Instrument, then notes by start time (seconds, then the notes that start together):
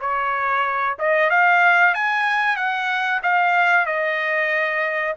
trumpet
0.00 C#5
0.99 D#5
1.30 F5
1.94 G#5
2.56 F#5
3.23 F5
3.86 D#5